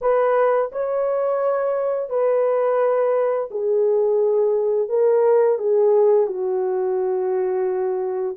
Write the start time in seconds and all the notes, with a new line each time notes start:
0.01 B4
0.72 C#5
2.09 B4
3.50 G#4
4.88 A#4
5.58 G#4
6.27 F#4